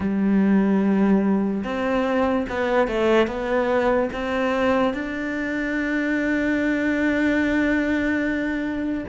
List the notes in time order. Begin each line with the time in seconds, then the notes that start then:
0.00 G3
1.64 C4
2.49 B3
2.87 A3
3.27 B3
4.12 C4
4.93 D4